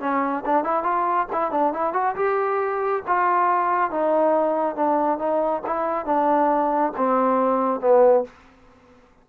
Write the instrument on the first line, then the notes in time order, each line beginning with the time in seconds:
trombone
0.00 C#4
0.45 D4
0.64 E4
0.83 F4
1.32 E4
1.51 D4
1.73 E4
1.93 F#4
2.16 G4
3.07 F4
3.91 D#4
4.75 D4
5.18 D#4
5.66 E4
6.05 D4
6.97 C4
7.80 B3